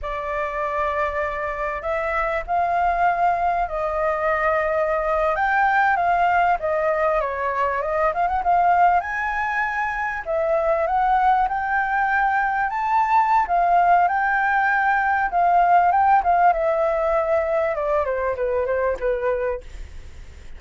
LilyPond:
\new Staff \with { instrumentName = "flute" } { \time 4/4 \tempo 4 = 98 d''2. e''4 | f''2 dis''2~ | dis''8. g''4 f''4 dis''4 cis''16~ | cis''8. dis''8 f''16 fis''16 f''4 gis''4~ gis''16~ |
gis''8. e''4 fis''4 g''4~ g''16~ | g''8. a''4~ a''16 f''4 g''4~ | g''4 f''4 g''8 f''8 e''4~ | e''4 d''8 c''8 b'8 c''8 b'4 | }